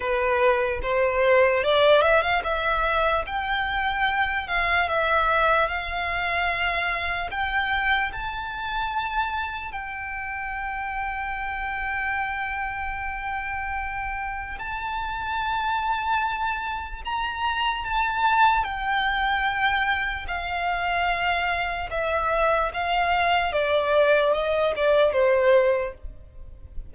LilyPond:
\new Staff \with { instrumentName = "violin" } { \time 4/4 \tempo 4 = 74 b'4 c''4 d''8 e''16 f''16 e''4 | g''4. f''8 e''4 f''4~ | f''4 g''4 a''2 | g''1~ |
g''2 a''2~ | a''4 ais''4 a''4 g''4~ | g''4 f''2 e''4 | f''4 d''4 dis''8 d''8 c''4 | }